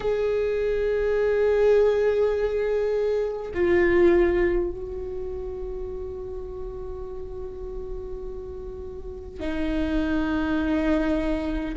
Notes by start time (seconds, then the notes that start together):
0.00 G#4
3.53 F4
4.71 F#4
9.40 D#4